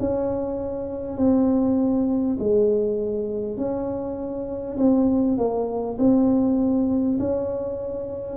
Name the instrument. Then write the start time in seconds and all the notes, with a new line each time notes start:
tuba
0.00 C#4
1.18 C4
2.39 G#3
3.58 C#4
4.78 C4
5.38 A#3
5.99 C4
7.20 C#4